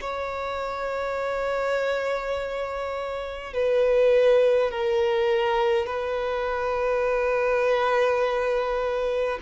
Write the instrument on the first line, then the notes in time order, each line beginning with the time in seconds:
violin
0.00 C#5
3.53 B4
4.71 A#4
5.86 B4